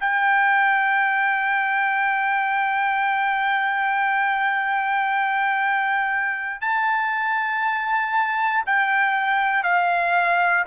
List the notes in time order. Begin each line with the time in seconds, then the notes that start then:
0.00 G5
6.61 A5
8.66 G5
9.63 F5